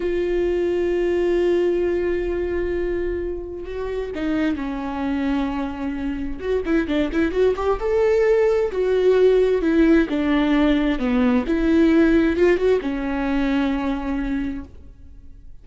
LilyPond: \new Staff \with { instrumentName = "viola" } { \time 4/4 \tempo 4 = 131 f'1~ | f'1 | fis'4 dis'4 cis'2~ | cis'2 fis'8 e'8 d'8 e'8 |
fis'8 g'8 a'2 fis'4~ | fis'4 e'4 d'2 | b4 e'2 f'8 fis'8 | cis'1 | }